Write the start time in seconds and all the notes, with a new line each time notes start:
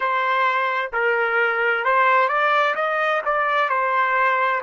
0.00 C5
0.92 A#4
1.84 C5
2.28 D5
2.75 D#5
3.25 D5
3.69 C5